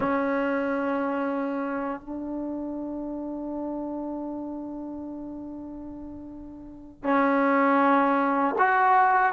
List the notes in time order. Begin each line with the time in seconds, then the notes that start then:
0.00 C#4
2.01 D4
7.03 C#4
8.58 F#4